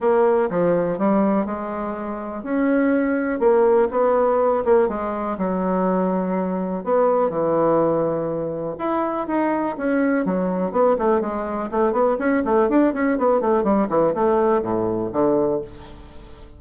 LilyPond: \new Staff \with { instrumentName = "bassoon" } { \time 4/4 \tempo 4 = 123 ais4 f4 g4 gis4~ | gis4 cis'2 ais4 | b4. ais8 gis4 fis4~ | fis2 b4 e4~ |
e2 e'4 dis'4 | cis'4 fis4 b8 a8 gis4 | a8 b8 cis'8 a8 d'8 cis'8 b8 a8 | g8 e8 a4 a,4 d4 | }